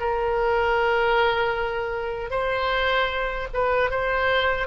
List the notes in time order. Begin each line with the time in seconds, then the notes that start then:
0.00 A#4
2.31 C5
3.53 B4
3.90 C5